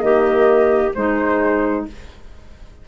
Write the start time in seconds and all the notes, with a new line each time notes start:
0.00 D#3 A#3 G4 D#5
0.94 G#3 D#4 C5